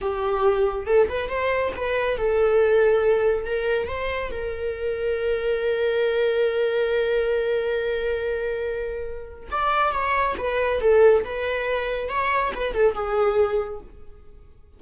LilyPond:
\new Staff \with { instrumentName = "viola" } { \time 4/4 \tempo 4 = 139 g'2 a'8 b'8 c''4 | b'4 a'2. | ais'4 c''4 ais'2~ | ais'1~ |
ais'1~ | ais'2 d''4 cis''4 | b'4 a'4 b'2 | cis''4 b'8 a'8 gis'2 | }